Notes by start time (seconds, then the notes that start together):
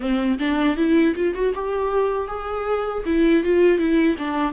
0.00 C4
0.38 D4
0.76 E4
1.15 F4
1.34 F#4
1.54 G4
2.27 G#4
3.05 E4
3.43 F4
3.78 E4
4.18 D4